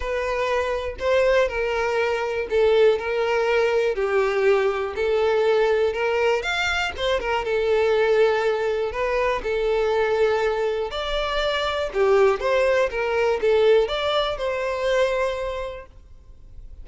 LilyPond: \new Staff \with { instrumentName = "violin" } { \time 4/4 \tempo 4 = 121 b'2 c''4 ais'4~ | ais'4 a'4 ais'2 | g'2 a'2 | ais'4 f''4 c''8 ais'8 a'4~ |
a'2 b'4 a'4~ | a'2 d''2 | g'4 c''4 ais'4 a'4 | d''4 c''2. | }